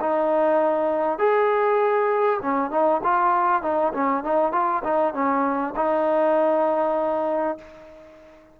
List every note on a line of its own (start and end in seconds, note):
0.00 1.18 D#4
1.18 2.39 G#4
2.42 2.70 C#4
2.70 3.01 D#4
3.03 3.62 F4
3.62 3.92 D#4
3.93 4.23 C#4
4.23 4.52 D#4
4.52 4.82 F4
4.84 5.13 D#4
5.13 5.74 C#4
5.75 7.57 D#4